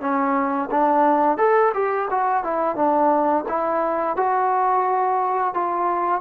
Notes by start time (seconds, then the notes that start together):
0.00 C#4
0.70 D4
1.37 A4
1.73 G4
2.10 F#4
2.43 E4
2.75 D4
3.48 E4
4.16 F#4
5.54 F4